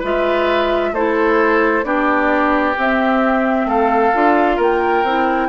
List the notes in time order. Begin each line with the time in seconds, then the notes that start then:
0.00 G#3 F4 B4 E5
0.93 A3 E4 A4 C5
1.84 B3 D4 G4 D5
2.78 C4 E5
3.66 A3 A4 F5
4.14 D4 F4
4.57 A#3 A#4 G5
5.04 C4 E4